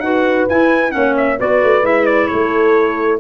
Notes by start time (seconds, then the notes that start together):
0.00 D#4 F#4 B4 F#5
0.49 E4 G#5
0.90 A#3 C#4 C#5 F#5
1.17 E5
1.38 B3 F#4 B4 D5
1.63 A3
1.83 G#3 E4 E5
2.06 D5
2.28 A3 A4 C#5